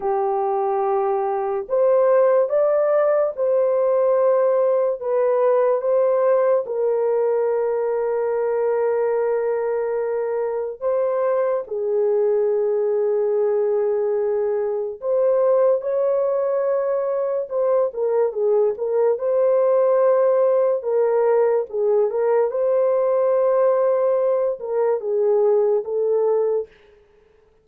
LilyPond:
\new Staff \with { instrumentName = "horn" } { \time 4/4 \tempo 4 = 72 g'2 c''4 d''4 | c''2 b'4 c''4 | ais'1~ | ais'4 c''4 gis'2~ |
gis'2 c''4 cis''4~ | cis''4 c''8 ais'8 gis'8 ais'8 c''4~ | c''4 ais'4 gis'8 ais'8 c''4~ | c''4. ais'8 gis'4 a'4 | }